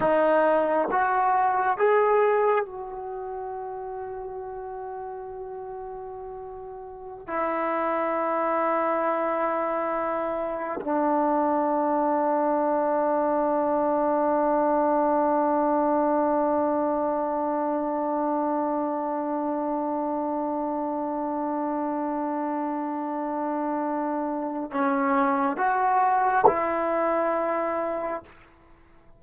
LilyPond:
\new Staff \with { instrumentName = "trombone" } { \time 4/4 \tempo 4 = 68 dis'4 fis'4 gis'4 fis'4~ | fis'1~ | fis'16 e'2.~ e'8.~ | e'16 d'2.~ d'8.~ |
d'1~ | d'1~ | d'1 | cis'4 fis'4 e'2 | }